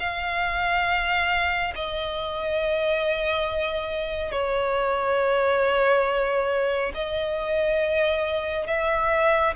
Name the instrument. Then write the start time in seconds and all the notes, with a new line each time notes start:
violin
0.00 F5
1.76 D#5
4.32 C#5
6.95 D#5
8.67 E5